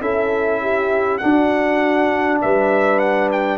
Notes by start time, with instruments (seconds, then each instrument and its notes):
0.00 tuba C#4, trombone E4, horn A4, trumpet E5
0.61 horn G4
1.17 trombone D4, tuba D4, horn F#4, trumpet F#5
2.41 tuba G3, horn B4, trumpet E5
2.98 trumpet F#5
3.31 trumpet G5